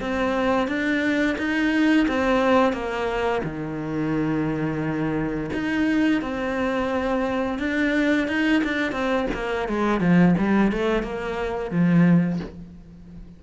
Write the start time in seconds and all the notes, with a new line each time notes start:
0.00 C4
0.67 D4
1.38 D#4
2.08 C4
2.72 A#3
3.43 D#3
5.53 D#4
6.21 C4
7.59 D4
8.28 D#4
8.64 D4
8.92 C4
9.34 A#3
9.68 G#3
10.00 F3
10.38 G3
10.72 A3
11.03 A#3
11.71 F3